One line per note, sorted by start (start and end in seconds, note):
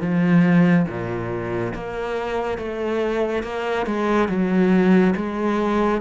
0.00 0.86 F3
0.88 1.73 A#2
1.74 2.58 A#3
2.58 3.43 A3
3.43 3.86 A#3
3.86 4.28 G#3
4.28 5.14 F#3
5.16 6.01 G#3